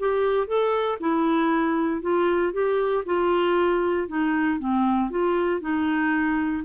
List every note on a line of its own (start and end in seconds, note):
0.00 0.47 G4
0.47 0.99 A4
1.00 2.02 E4
2.02 2.53 F4
2.53 3.04 G4
3.06 4.08 F4
4.08 4.59 D#4
4.59 5.10 C4
5.10 5.61 F4
5.61 6.64 D#4